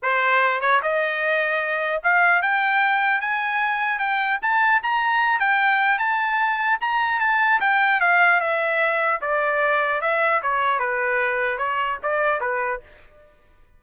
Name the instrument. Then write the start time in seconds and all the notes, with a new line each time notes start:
trumpet
0.02 C5
0.61 C#5
0.82 D#5
2.03 F5
2.42 G5
3.20 G#5
3.98 G5
4.41 A5
4.83 A#5
5.39 G5
5.98 A5
6.81 A#5
7.20 A5
7.60 G5
8.00 F5
8.40 E5
9.21 D5
10.01 E5
10.42 C#5
10.79 B4
11.57 C#5
12.03 D5
12.40 B4